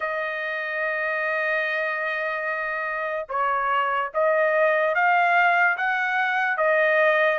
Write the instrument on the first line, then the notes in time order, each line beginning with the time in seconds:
trumpet
0.00 D#5
3.28 C#5
4.14 D#5
4.94 F5
5.77 F#5
6.57 D#5